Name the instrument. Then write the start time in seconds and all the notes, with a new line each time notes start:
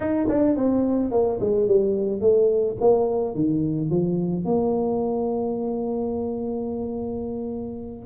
tuba
0.00 D#4
0.29 D4
0.56 C4
1.11 A#3
1.40 G#3
1.67 G3
2.20 A3
2.80 A#3
3.35 D#3
3.90 F3
4.44 A#3